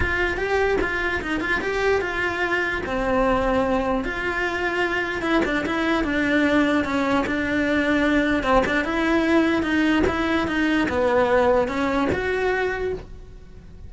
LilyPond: \new Staff \with { instrumentName = "cello" } { \time 4/4 \tempo 4 = 149 f'4 g'4 f'4 dis'8 f'8 | g'4 f'2 c'4~ | c'2 f'2~ | f'4 e'8 d'8 e'4 d'4~ |
d'4 cis'4 d'2~ | d'4 c'8 d'8 e'2 | dis'4 e'4 dis'4 b4~ | b4 cis'4 fis'2 | }